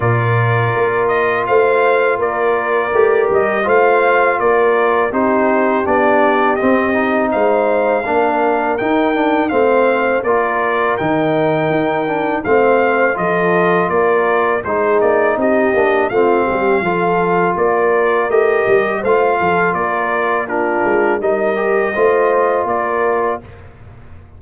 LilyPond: <<
  \new Staff \with { instrumentName = "trumpet" } { \time 4/4 \tempo 4 = 82 d''4. dis''8 f''4 d''4~ | d''8 dis''8 f''4 d''4 c''4 | d''4 dis''4 f''2 | g''4 f''4 d''4 g''4~ |
g''4 f''4 dis''4 d''4 | c''8 d''8 dis''4 f''2 | d''4 dis''4 f''4 d''4 | ais'4 dis''2 d''4 | }
  \new Staff \with { instrumentName = "horn" } { \time 4/4 ais'2 c''4 ais'4~ | ais'4 c''4 ais'4 g'4~ | g'2 c''4 ais'4~ | ais'4 c''4 ais'2~ |
ais'4 c''4 a'4 ais'4 | gis'4 g'4 f'8 g'8 a'4 | ais'2 c''8 a'8 ais'4 | f'4 ais'4 c''4 ais'4 | }
  \new Staff \with { instrumentName = "trombone" } { \time 4/4 f'1 | g'4 f'2 dis'4 | d'4 c'8 dis'4. d'4 | dis'8 d'8 c'4 f'4 dis'4~ |
dis'8 d'8 c'4 f'2 | dis'4. d'8 c'4 f'4~ | f'4 g'4 f'2 | d'4 dis'8 g'8 f'2 | }
  \new Staff \with { instrumentName = "tuba" } { \time 4/4 ais,4 ais4 a4 ais4 | a8 g8 a4 ais4 c'4 | b4 c'4 gis4 ais4 | dis'4 a4 ais4 dis4 |
dis'4 a4 f4 ais4 | gis8 ais8 c'8 ais8 a8 g8 f4 | ais4 a8 g8 a8 f8 ais4~ | ais8 gis8 g4 a4 ais4 | }
>>